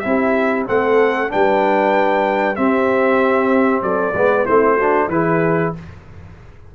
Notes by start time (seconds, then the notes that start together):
0.00 C4 E4 G4 E5
0.66 A3 C4 A4 F#5
1.29 G3 D4 B4 G5
2.56 C4 G4 E5
3.82 F#3 A4 D5
4.14 G#3 B3 B4
4.45 A3 C4 E4 C5
4.76 D4 F#4
5.08 E3 E4 G#4 B4